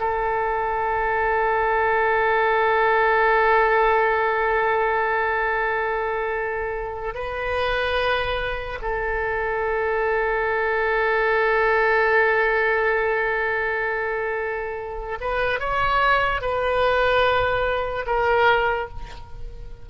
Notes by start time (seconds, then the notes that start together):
0.00 A4
7.15 B4
8.82 A4
15.21 B4
15.60 C#5
16.42 B4
18.07 A#4